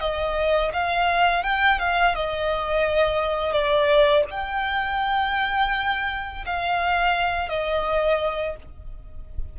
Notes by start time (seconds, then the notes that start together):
0.00 D#5
0.73 F5
1.43 G5
1.79 F5
2.15 D#5
3.52 D5
4.31 G5
6.45 F5
7.49 D#5